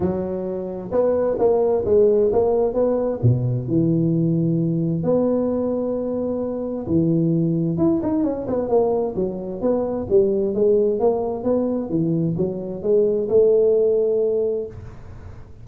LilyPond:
\new Staff \with { instrumentName = "tuba" } { \time 4/4 \tempo 4 = 131 fis2 b4 ais4 | gis4 ais4 b4 b,4 | e2. b4~ | b2. e4~ |
e4 e'8 dis'8 cis'8 b8 ais4 | fis4 b4 g4 gis4 | ais4 b4 e4 fis4 | gis4 a2. | }